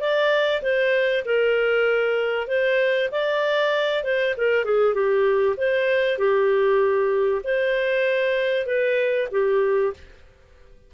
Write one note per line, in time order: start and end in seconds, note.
0.00 0.62 D5
0.62 1.24 C5
1.25 2.47 A#4
2.47 3.09 C5
3.11 4.04 D5
4.04 4.35 C5
4.37 4.65 A#4
4.65 4.94 G#4
4.94 5.56 G4
5.57 6.18 C5
6.18 7.42 G4
7.44 8.66 C5
8.66 9.28 B4
9.31 9.93 G4